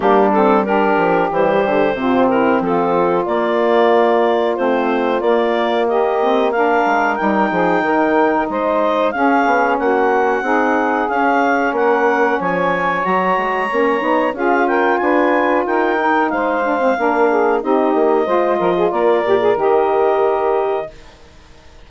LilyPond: <<
  \new Staff \with { instrumentName = "clarinet" } { \time 4/4 \tempo 4 = 92 g'8 a'8 ais'4 c''4. ais'8 | a'4 d''2 c''4 | d''4 dis''4 f''4 g''4~ | g''4 dis''4 f''4 fis''4~ |
fis''4 f''4 fis''4 gis''4 | ais''2 f''8 g''8 gis''4 | g''4 f''2 dis''4~ | dis''4 d''4 dis''2 | }
  \new Staff \with { instrumentName = "saxophone" } { \time 4/4 d'4 g'2 f'8 e'8 | f'1~ | f'4 g'4 ais'4. gis'8 | ais'4 c''4 gis'4 fis'4 |
gis'2 ais'4 cis''4~ | cis''2 gis'8 ais'8 b'4 | ais'4 c''4 ais'8 gis'8 g'4 | c''8 ais'16 gis'16 ais'2. | }
  \new Staff \with { instrumentName = "saxophone" } { \time 4/4 ais8 c'8 d'4 g4 c'4~ | c'4 ais2 c'4 | ais4. c'8 d'4 dis'4~ | dis'2 cis'2 |
dis'4 cis'2. | fis'4 cis'8 dis'8 f'2~ | f'8 dis'4 d'16 c'16 d'4 dis'4 | f'4. g'16 gis'16 g'2 | }
  \new Staff \with { instrumentName = "bassoon" } { \time 4/4 g4. f8 e8 d8 c4 | f4 ais2 a4 | ais2~ ais8 gis8 g8 f8 | dis4 gis4 cis'8 b8 ais4 |
c'4 cis'4 ais4 f4 | fis8 gis8 ais8 b8 cis'4 d'4 | dis'4 gis4 ais4 c'8 ais8 | gis8 f8 ais8 ais,8 dis2 | }
>>